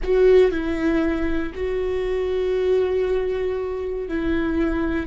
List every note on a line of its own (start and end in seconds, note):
0.03 0.51 F#4
0.51 1.53 E4
1.54 4.08 F#4
4.08 5.06 E4